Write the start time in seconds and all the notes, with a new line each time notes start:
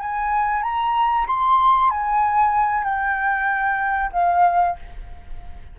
0.00 G#5
0.63 A#5
1.27 C6
1.91 G#5
2.84 G5
4.13 F5